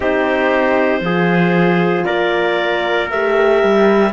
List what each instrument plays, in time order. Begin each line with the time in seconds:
0.00 cello C4, horn D#4, trumpet G4, clarinet C5
1.00 cello F3, horn F4, trumpet G#4
2.05 cello A#3, trumpet A#4, clarinet D5
3.10 cello A3, horn G4, clarinet E5
3.63 cello G3